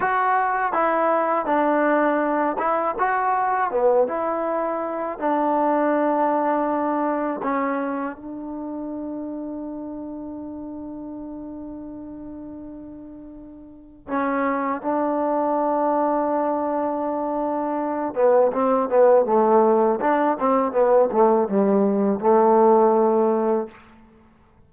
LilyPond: \new Staff \with { instrumentName = "trombone" } { \time 4/4 \tempo 4 = 81 fis'4 e'4 d'4. e'8 | fis'4 b8 e'4. d'4~ | d'2 cis'4 d'4~ | d'1~ |
d'2. cis'4 | d'1~ | d'8 b8 c'8 b8 a4 d'8 c'8 | b8 a8 g4 a2 | }